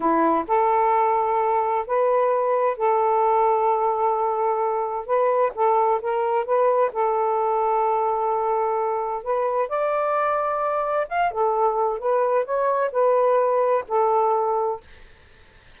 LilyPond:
\new Staff \with { instrumentName = "saxophone" } { \time 4/4 \tempo 4 = 130 e'4 a'2. | b'2 a'2~ | a'2. b'4 | a'4 ais'4 b'4 a'4~ |
a'1 | b'4 d''2. | f''8 a'4. b'4 cis''4 | b'2 a'2 | }